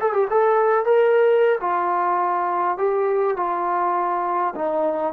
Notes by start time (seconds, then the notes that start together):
0.00 A4
0.13 G4
0.30 A4
0.85 A#4
1.60 F4
2.78 G4
3.36 F4
4.55 D#4